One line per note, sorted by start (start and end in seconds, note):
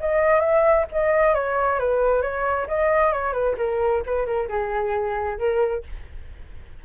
0.00 0.40 D#5
0.40 0.85 E5
0.92 1.35 D#5
1.35 1.79 C#5
1.79 2.22 B4
2.22 2.67 C#5
2.68 3.12 D#5
3.12 3.33 C#5
3.33 3.56 B4
3.57 4.03 A#4
4.06 4.26 B4
4.26 4.48 A#4
4.49 5.38 G#4
5.38 5.83 A#4